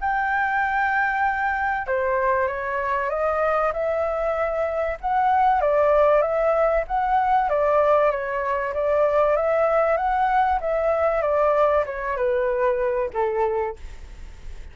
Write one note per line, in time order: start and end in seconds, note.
0.00 1.87 G5
1.87 2.47 C5
2.47 3.09 C#5
3.09 3.72 D#5
3.72 4.97 E5
5.00 5.61 F#5
5.61 6.21 D5
6.21 6.84 E5
6.87 7.49 F#5
7.49 8.11 D5
8.11 8.73 C#5
8.73 9.36 D5
9.36 9.96 E5
9.96 10.59 F#5
10.60 11.22 E5
11.22 11.84 D5
11.86 12.16 C#5
12.16 13.10 B4
13.13 13.76 A4